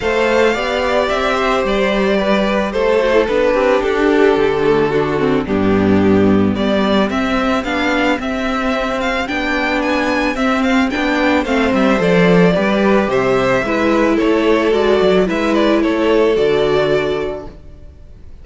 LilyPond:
<<
  \new Staff \with { instrumentName = "violin" } { \time 4/4 \tempo 4 = 110 f''2 e''4 d''4~ | d''4 c''4 b'4 a'4~ | a'2 g'2 | d''4 e''4 f''4 e''4~ |
e''8 f''8 g''4 gis''4 e''8 f''8 | g''4 f''8 e''8 d''2 | e''2 cis''4 d''4 | e''8 d''8 cis''4 d''2 | }
  \new Staff \with { instrumentName = "violin" } { \time 4/4 c''4 d''4. c''4. | b'4 a'4. g'4.~ | g'4 fis'4 d'2 | g'1~ |
g'1~ | g'4 c''2 b'4 | c''4 b'4 a'2 | b'4 a'2. | }
  \new Staff \with { instrumentName = "viola" } { \time 4/4 a'4 g'2.~ | g'4. fis'16 e'16 d'2~ | d'8 a8 d'8 c'8 b2~ | b4 c'4 d'4 c'4~ |
c'4 d'2 c'4 | d'4 c'4 a'4 g'4~ | g'4 e'2 fis'4 | e'2 fis'2 | }
  \new Staff \with { instrumentName = "cello" } { \time 4/4 a4 b4 c'4 g4~ | g4 a4 b8 c'8 d'4 | d2 g,2 | g4 c'4 b4 c'4~ |
c'4 b2 c'4 | b4 a8 g8 f4 g4 | c4 gis4 a4 gis8 fis8 | gis4 a4 d2 | }
>>